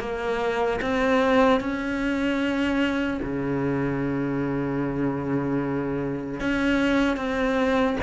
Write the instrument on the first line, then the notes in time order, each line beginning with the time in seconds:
cello
0.00 A#3
0.81 C4
1.60 C#4
3.23 C#3
6.40 C#4
7.16 C4